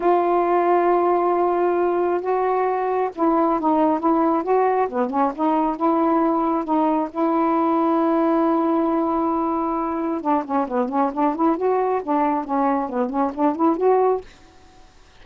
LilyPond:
\new Staff \with { instrumentName = "saxophone" } { \time 4/4 \tempo 4 = 135 f'1~ | f'4 fis'2 e'4 | dis'4 e'4 fis'4 b8 cis'8 | dis'4 e'2 dis'4 |
e'1~ | e'2. d'8 cis'8 | b8 cis'8 d'8 e'8 fis'4 d'4 | cis'4 b8 cis'8 d'8 e'8 fis'4 | }